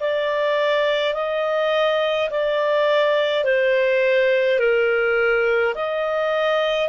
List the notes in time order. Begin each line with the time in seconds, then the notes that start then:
0.00 D5
1.14 D#5
2.31 D5
3.45 C5
4.59 A#4
5.75 D#5